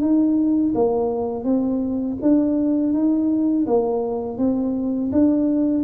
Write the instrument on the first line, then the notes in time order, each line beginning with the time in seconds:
tuba
0.00 D#4
0.75 A#3
1.44 C4
2.22 D4
2.93 D#4
3.67 A#3
4.38 C4
5.12 D4